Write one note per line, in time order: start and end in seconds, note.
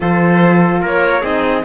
0.00 0.82 F3
0.00 1.22 F4
0.00 0.81 A4
0.00 0.83 C5
0.81 1.23 A#3
0.81 1.21 A#4
0.81 1.25 C#5
1.21 1.64 C4
1.21 1.63 D#4
1.21 1.62 G#4
1.21 1.64 D#5